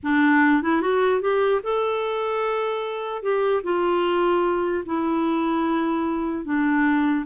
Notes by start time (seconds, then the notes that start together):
0.03 D4
0.62 E4
0.81 F#4
1.21 G4
1.63 A4
3.22 G4
3.63 F4
4.85 E4
6.44 D4